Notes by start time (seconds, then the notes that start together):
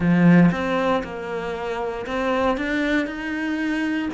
0.00 F3
0.51 C4
1.03 A#3
2.06 C4
2.57 D4
3.06 D#4